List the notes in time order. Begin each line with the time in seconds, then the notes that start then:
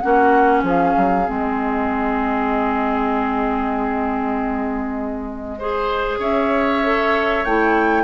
0.00 A#3 C#4 F#4 F#5
0.63 F3 G#4 F5
0.97 F#3
1.25 G#3 C4 D#5
5.59 G#4 C5
6.19 C#4 C#5 E5
6.83 A4
7.44 A3 E4 G5